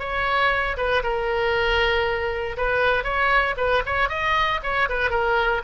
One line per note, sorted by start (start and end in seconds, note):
0.00 0.77 C#5
0.77 1.03 B4
1.03 2.57 A#4
2.57 3.04 B4
3.04 3.56 C#5
3.58 3.83 B4
3.86 4.09 C#5
4.09 4.61 D#5
4.63 4.89 C#5
4.90 5.11 B4
5.11 5.62 A#4